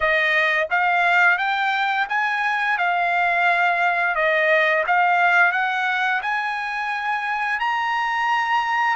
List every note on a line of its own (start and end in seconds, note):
0.00 0.67 D#5
0.70 1.38 F5
1.38 2.07 G5
2.08 2.77 G#5
2.77 4.15 F5
4.15 4.84 D#5
4.87 5.52 F5
5.52 6.21 F#5
6.22 7.59 G#5
7.59 8.96 A#5